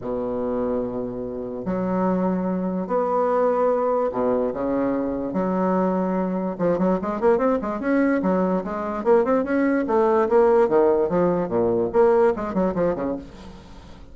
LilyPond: \new Staff \with { instrumentName = "bassoon" } { \time 4/4 \tempo 4 = 146 b,1 | fis2. b4~ | b2 b,4 cis4~ | cis4 fis2. |
f8 fis8 gis8 ais8 c'8 gis8 cis'4 | fis4 gis4 ais8 c'8 cis'4 | a4 ais4 dis4 f4 | ais,4 ais4 gis8 fis8 f8 cis8 | }